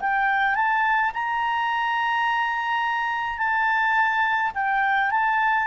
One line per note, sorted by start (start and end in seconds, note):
0.00 0.55 G5
0.55 1.11 A5
1.14 3.38 A#5
3.38 4.51 A5
4.54 5.10 G5
5.10 5.67 A5